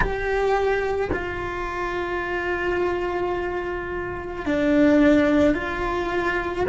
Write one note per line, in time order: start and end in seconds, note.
0.00 1.09 G4
1.12 4.45 F4
4.45 5.54 D4
5.54 6.65 F4